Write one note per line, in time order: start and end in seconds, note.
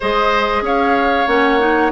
0.00 0.61 G#3
0.00 1.27 G#4
0.00 0.62 C5
0.00 0.65 D#5
0.61 1.25 C#4
0.61 1.92 C#5
0.61 1.27 F5
1.27 1.91 A#3
1.27 1.59 C#4
1.27 1.91 F#5
1.59 1.91 D#4